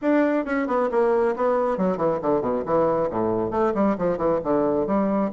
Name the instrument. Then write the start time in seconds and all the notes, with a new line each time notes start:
bassoon
0.01 D4
0.45 C#4
0.67 B3
0.91 A#3
1.36 B3
1.77 F#3
1.97 E3
2.22 D3
2.41 B2
2.65 E3
3.10 A2
3.51 A3
3.74 G3
3.97 F3
4.17 E3
4.43 D3
4.86 G3